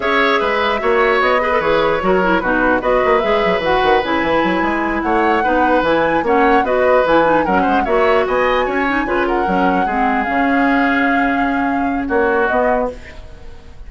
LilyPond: <<
  \new Staff \with { instrumentName = "flute" } { \time 4/4 \tempo 4 = 149 e''2. dis''4 | cis''2 b'4 dis''4 | e''4 fis''4 gis''2~ | gis''8 fis''2 gis''4 fis''8~ |
fis''8 dis''4 gis''4 fis''4 e''8~ | e''8 gis''2~ gis''8 fis''4~ | fis''4. f''2~ f''8~ | f''2 cis''4 dis''4 | }
  \new Staff \with { instrumentName = "oboe" } { \time 4/4 cis''4 b'4 cis''4. b'8~ | b'4 ais'4 fis'4 b'4~ | b'1~ | b'8 cis''4 b'2 cis''8~ |
cis''8 b'2 ais'8 c''8 cis''8~ | cis''8 dis''4 cis''4 b'8 ais'4~ | ais'8 gis'2.~ gis'8~ | gis'2 fis'2 | }
  \new Staff \with { instrumentName = "clarinet" } { \time 4/4 gis'2 fis'4. gis'16 a'16 | gis'4 fis'8 e'8 dis'4 fis'4 | gis'4 fis'4 e'2~ | e'4. dis'4 e'4 cis'8~ |
cis'8 fis'4 e'8 dis'8 cis'4 fis'8~ | fis'2 dis'8 f'4 cis'8~ | cis'8 c'4 cis'2~ cis'8~ | cis'2. b4 | }
  \new Staff \with { instrumentName = "bassoon" } { \time 4/4 cis'4 gis4 ais4 b4 | e4 fis4 b,4 b8 ais8 | gis8 fis8 e8 dis8 cis8 e8 fis8 gis8~ | gis8 a4 b4 e4 ais8~ |
ais8 b4 e4 fis8 gis8 ais8~ | ais8 b4 cis'4 cis4 fis8~ | fis8 gis4 cis2~ cis8~ | cis2 ais4 b4 | }
>>